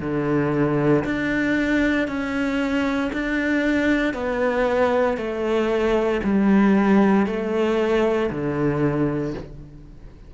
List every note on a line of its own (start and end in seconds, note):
0.00 1.03 D3
1.04 2.07 D4
2.07 3.11 C#4
3.13 4.13 D4
4.13 5.17 B3
5.17 6.20 A3
6.23 7.26 G3
7.26 8.29 A3
8.30 9.34 D3